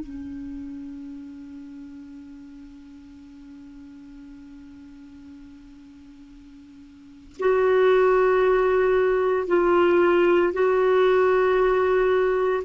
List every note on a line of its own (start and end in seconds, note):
0.00 7.37 C#4
7.40 9.48 F#4
9.48 10.53 F4
10.53 12.64 F#4